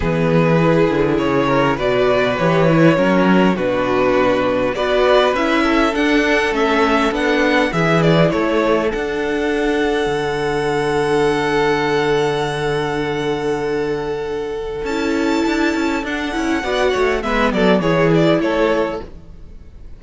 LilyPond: <<
  \new Staff \with { instrumentName = "violin" } { \time 4/4 \tempo 4 = 101 b'2 cis''4 d''4 | cis''2 b'2 | d''4 e''4 fis''4 e''4 | fis''4 e''8 d''8 cis''4 fis''4~ |
fis''1~ | fis''1~ | fis''4 a''2 fis''4~ | fis''4 e''8 d''8 cis''8 d''8 cis''4 | }
  \new Staff \with { instrumentName = "violin" } { \time 4/4 gis'2~ gis'8 ais'8 b'4~ | b'4 ais'4 fis'2 | b'4. a'2~ a'8~ | a'4 gis'4 a'2~ |
a'1~ | a'1~ | a'1 | d''8 cis''8 b'8 a'8 gis'4 a'4 | }
  \new Staff \with { instrumentName = "viola" } { \time 4/4 b4 e'2 fis'4 | g'8 e'8 cis'4 d'2 | fis'4 e'4 d'4 cis'4 | d'4 e'2 d'4~ |
d'1~ | d'1~ | d'4 e'2 d'8 e'8 | fis'4 b4 e'2 | }
  \new Staff \with { instrumentName = "cello" } { \time 4/4 e4. d8 cis4 b,4 | e4 fis4 b,2 | b4 cis'4 d'4 a4 | b4 e4 a4 d'4~ |
d'4 d2.~ | d1~ | d4 cis'4 d'8 cis'8 d'8 cis'8 | b8 a8 gis8 fis8 e4 a4 | }
>>